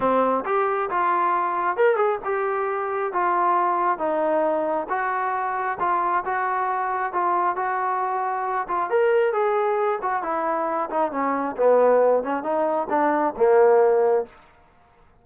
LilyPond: \new Staff \with { instrumentName = "trombone" } { \time 4/4 \tempo 4 = 135 c'4 g'4 f'2 | ais'8 gis'8 g'2 f'4~ | f'4 dis'2 fis'4~ | fis'4 f'4 fis'2 |
f'4 fis'2~ fis'8 f'8 | ais'4 gis'4. fis'8 e'4~ | e'8 dis'8 cis'4 b4. cis'8 | dis'4 d'4 ais2 | }